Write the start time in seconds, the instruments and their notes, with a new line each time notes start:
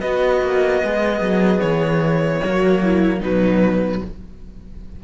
0.00 cello B3, viola F#4, violin D#5
0.42 cello A#3
0.84 cello G#3, viola G#4
1.21 cello F#3
1.60 cello E3, violin C#5
2.42 cello F#3 A#3, viola F#4
2.83 viola E4
3.20 cello B2 F#3, viola D#4, violin B4